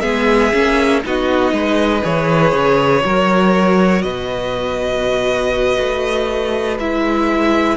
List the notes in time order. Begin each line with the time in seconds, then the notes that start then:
0.00 G#3 B3 G#4 E5
0.53 A#3 C#4
1.03 B3 D#4 F#4 D#5
1.52 G#3 B4
2.02 E3 G#4 C#5
2.52 C#3
3.04 F#3 F#4 A#4
4.02 B2 B4 D#5
5.79 A3
6.78 G#3 E4 E5